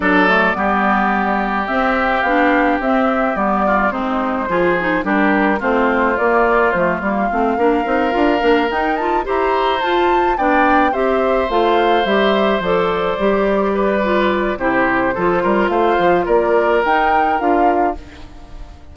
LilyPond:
<<
  \new Staff \with { instrumentName = "flute" } { \time 4/4 \tempo 4 = 107 d''2. e''4 | f''4 e''4 d''4 c''4~ | c''4 ais'4 c''4 d''4 | c''8 f''2. g''8 |
a''8 ais''4 a''4 g''4 e''8~ | e''8 f''4 e''4 d''4.~ | d''2 c''2 | f''4 d''4 g''4 f''4 | }
  \new Staff \with { instrumentName = "oboe" } { \time 4/4 a'4 g'2.~ | g'2~ g'8 f'8 dis'4 | gis'4 g'4 f'2~ | f'4. ais'2~ ais'8~ |
ais'8 c''2 d''4 c''8~ | c''1~ | c''8 b'4. g'4 a'8 ais'8 | c''4 ais'2. | }
  \new Staff \with { instrumentName = "clarinet" } { \time 4/4 d'8 a8 b2 c'4 | d'4 c'4 b4 c'4 | f'8 dis'8 d'4 c'4 ais4 | a8 ais8 c'8 d'8 dis'8 f'8 d'8 dis'8 |
f'8 g'4 f'4 d'4 g'8~ | g'8 f'4 g'4 a'4 g'8~ | g'4 f'4 e'4 f'4~ | f'2 dis'4 f'4 | }
  \new Staff \with { instrumentName = "bassoon" } { \time 4/4 fis4 g2 c'4 | b4 c'4 g4 gis4 | f4 g4 a4 ais4 | f8 g8 a8 ais8 c'8 d'8 ais8 dis'8~ |
dis'8 e'4 f'4 b4 c'8~ | c'8 a4 g4 f4 g8~ | g2 c4 f8 g8 | a8 f8 ais4 dis'4 d'4 | }
>>